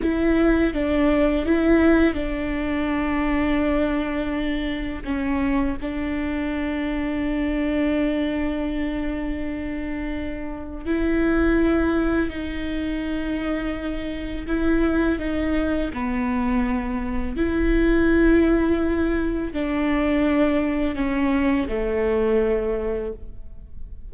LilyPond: \new Staff \with { instrumentName = "viola" } { \time 4/4 \tempo 4 = 83 e'4 d'4 e'4 d'4~ | d'2. cis'4 | d'1~ | d'2. e'4~ |
e'4 dis'2. | e'4 dis'4 b2 | e'2. d'4~ | d'4 cis'4 a2 | }